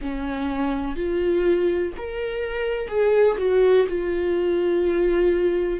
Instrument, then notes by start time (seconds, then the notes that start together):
viola
0.01 C#4
0.95 F4
1.97 A#4
2.88 G#4
3.38 F#4
3.88 F4